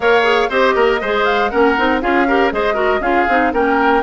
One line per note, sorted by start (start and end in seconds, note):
0.00 0.48 A#3
0.00 0.23 A#4
0.00 0.49 C#5
0.00 0.49 F5
0.23 0.48 G#4
0.49 0.74 C4
0.49 1.01 G4
0.49 0.74 C5
0.49 1.24 D#5
0.75 1.00 A#3
0.75 1.00 A#4
1.01 1.52 G#3
1.01 1.51 G#4
1.01 1.51 C5
1.24 1.49 F5
1.49 1.78 A#3
1.49 1.76 C#4
1.49 2.01 A#4
1.49 1.99 F#5
1.77 2.02 C4
1.77 2.01 D#4
2.01 2.52 C#4
2.01 2.26 F4
2.01 2.27 G#4
2.01 2.52 F5
2.27 2.51 G4
2.27 2.52 A#4
2.51 3.00 G#3
2.51 2.74 G#4
2.51 2.74 C5
2.51 3.02 D#5
2.74 2.99 F#4
2.74 2.99 A#4
3.00 3.25 C#4
3.00 3.27 F4
3.00 3.52 G#4
3.00 3.52 F5
3.28 3.53 C4
3.28 3.52 D#4
3.52 4.03 A#3
3.52 4.03 C#4
3.52 4.03 A#4
3.52 4.03 G5